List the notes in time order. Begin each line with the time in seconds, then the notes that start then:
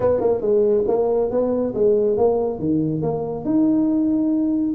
0.00 B3
0.20 A#3
0.41 G#3
0.87 A#3
1.30 B3
1.74 G#3
2.17 A#3
2.59 D#3
3.02 A#3
3.44 D#4